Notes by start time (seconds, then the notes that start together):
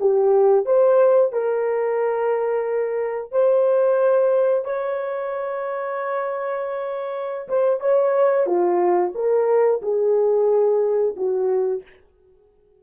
0.00 G4
0.66 C5
1.33 A#4
3.32 C5
4.65 C#5
7.48 C5
7.81 C#5
8.46 F4
9.15 A#4
9.82 G#4
11.16 F#4